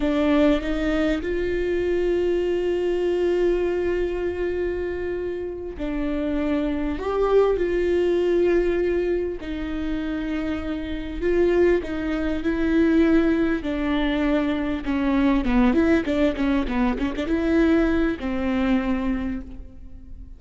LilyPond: \new Staff \with { instrumentName = "viola" } { \time 4/4 \tempo 4 = 99 d'4 dis'4 f'2~ | f'1~ | f'4. d'2 g'8~ | g'8 f'2. dis'8~ |
dis'2~ dis'8 f'4 dis'8~ | dis'8 e'2 d'4.~ | d'8 cis'4 b8 e'8 d'8 cis'8 b8 | cis'16 d'16 e'4. c'2 | }